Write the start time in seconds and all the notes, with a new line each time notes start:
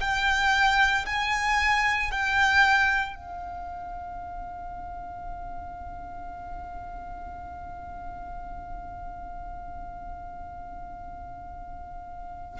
0.00 G5
1.06 G#5
2.11 G5
3.15 F5